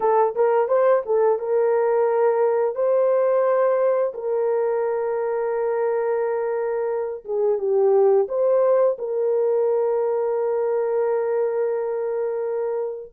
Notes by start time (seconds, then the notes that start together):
0.00 A4
0.35 A#4
0.67 C5
1.05 A4
1.38 A#4
2.75 C5
4.14 A#4
7.24 G#4
7.58 G4
8.28 C5
8.98 A#4